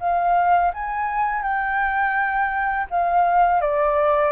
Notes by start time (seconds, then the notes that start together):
0.00 F5
0.74 G#5
1.43 G5
2.90 F5
3.61 D5